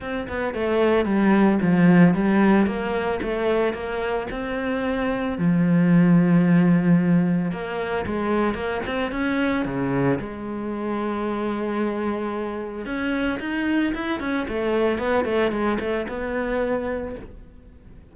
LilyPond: \new Staff \with { instrumentName = "cello" } { \time 4/4 \tempo 4 = 112 c'8 b8 a4 g4 f4 | g4 ais4 a4 ais4 | c'2 f2~ | f2 ais4 gis4 |
ais8 c'8 cis'4 cis4 gis4~ | gis1 | cis'4 dis'4 e'8 cis'8 a4 | b8 a8 gis8 a8 b2 | }